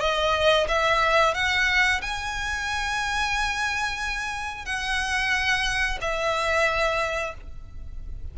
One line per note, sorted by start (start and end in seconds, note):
0.00 0.67 D#5
0.68 1.34 E5
1.34 2.01 F#5
2.01 4.65 G#5
4.65 5.98 F#5
6.01 7.34 E5